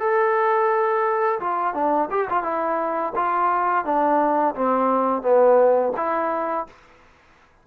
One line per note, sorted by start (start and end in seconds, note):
0.00 1.40 A4
1.40 1.74 F4
1.74 2.09 D4
2.11 2.29 G4
2.30 2.44 F4
2.44 3.13 E4
3.16 3.85 F4
3.85 4.55 D4
4.55 5.23 C4
5.23 5.93 B3
5.97 6.67 E4